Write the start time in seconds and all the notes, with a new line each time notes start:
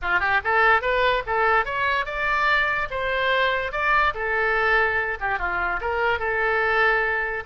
0.02 F4
0.20 G4
0.44 A4
0.81 B4
1.26 A4
1.65 C#5
2.05 D5
2.90 C5
3.72 D5
4.14 A4
5.20 G4
5.38 F4
5.80 A#4
6.19 A4